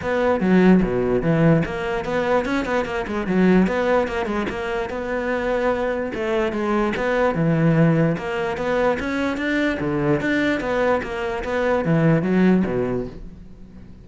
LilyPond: \new Staff \with { instrumentName = "cello" } { \time 4/4 \tempo 4 = 147 b4 fis4 b,4 e4 | ais4 b4 cis'8 b8 ais8 gis8 | fis4 b4 ais8 gis8 ais4 | b2. a4 |
gis4 b4 e2 | ais4 b4 cis'4 d'4 | d4 d'4 b4 ais4 | b4 e4 fis4 b,4 | }